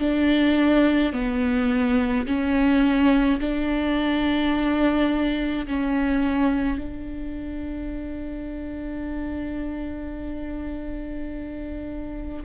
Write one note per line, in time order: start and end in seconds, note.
0.00 1.13 D4
1.13 2.26 B3
2.27 3.40 C#4
3.40 5.67 D4
5.67 6.78 C#4
6.78 12.44 D4